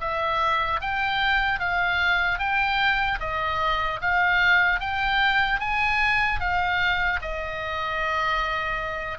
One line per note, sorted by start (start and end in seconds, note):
0.00 0.80 E5
0.80 1.59 G5
1.59 2.38 F5
2.38 3.18 G5
3.20 4.00 D#5
4.01 4.80 F5
4.80 5.60 G5
5.60 6.40 G#5
6.40 7.20 F5
7.21 9.18 D#5